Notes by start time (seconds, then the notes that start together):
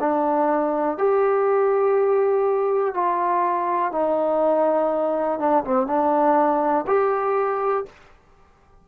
0.00 D4
0.98 G4
2.95 F4
3.92 D#4
5.39 D4
5.64 C4
5.87 D4
6.87 G4